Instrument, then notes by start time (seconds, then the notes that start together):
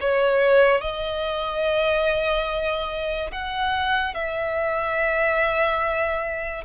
violin
0.00 C#5
0.80 D#5
3.31 F#5
4.14 E5